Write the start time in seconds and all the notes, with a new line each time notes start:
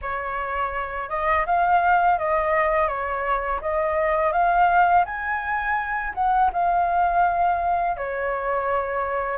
0.01 C#5
1.09 D#5
1.46 F5
2.18 D#5
2.88 C#5
3.61 D#5
4.32 F5
5.05 G#5
6.14 F#5
6.53 F5
7.96 C#5